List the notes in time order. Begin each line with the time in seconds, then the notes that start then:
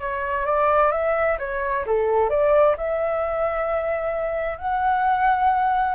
0.00 C#5
0.46 D5
0.92 E5
1.39 C#5
1.86 A4
2.30 D5
2.77 E5
4.58 F#5